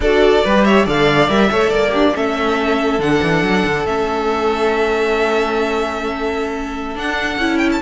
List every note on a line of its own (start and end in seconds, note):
0.00 0.41 D4
0.00 0.47 F#4
0.00 0.44 A4
0.00 0.64 D5
0.44 0.86 G3
0.44 0.85 G4
0.44 0.65 B4
0.64 0.85 C#5
0.64 0.85 E5
0.85 1.28 D3
0.85 1.28 A4
0.85 1.49 D5
0.85 1.29 F5
1.28 1.50 G3
1.28 1.49 A#4
1.28 1.72 E5
1.50 1.71 A3
1.50 1.89 A4
1.50 1.69 C#5
1.69 2.13 A#3
1.69 1.91 D5
1.69 2.16 D5
1.89 2.14 D4
1.89 2.11 G4
2.14 2.98 A3
2.14 2.99 C#4
2.14 7.82 A4
2.14 3.01 E5
2.98 3.20 D3
2.98 3.85 D4
2.98 3.86 F#5
3.22 3.42 E3
3.42 3.64 F#3
3.65 3.85 D3
3.85 6.95 A3
3.85 6.95 C#4
3.85 6.97 E5
6.95 7.38 D4
6.95 7.58 F#5
7.38 7.81 C#4
7.38 7.82 E4
7.58 7.68 G5
7.72 7.82 A5